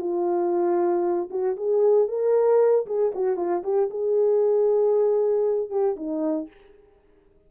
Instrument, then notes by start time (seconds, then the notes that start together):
horn
0.00 F4
1.30 F#4
1.57 G#4
2.08 A#4
2.87 G#4
3.15 F#4
3.37 F4
3.63 G4
3.90 G#4
5.70 G4
5.96 D#4